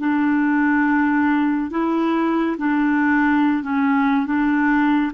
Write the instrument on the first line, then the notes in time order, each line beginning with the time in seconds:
clarinet
0.00 D4
1.71 E4
2.58 D4
3.64 C#4
4.27 D4